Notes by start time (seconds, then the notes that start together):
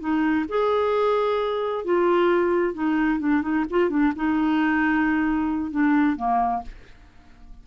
0.00 D#4
0.49 G#4
1.85 F4
2.74 D#4
3.20 D4
3.42 D#4
3.70 F4
3.90 D4
4.16 D#4
5.71 D4
6.17 A#3